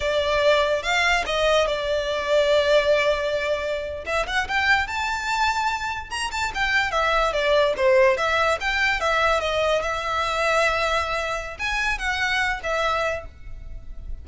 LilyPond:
\new Staff \with { instrumentName = "violin" } { \time 4/4 \tempo 4 = 145 d''2 f''4 dis''4 | d''1~ | d''4.~ d''16 e''8 fis''8 g''4 a''16~ | a''2~ a''8. ais''8 a''8 g''16~ |
g''8. e''4 d''4 c''4 e''16~ | e''8. g''4 e''4 dis''4 e''16~ | e''1 | gis''4 fis''4. e''4. | }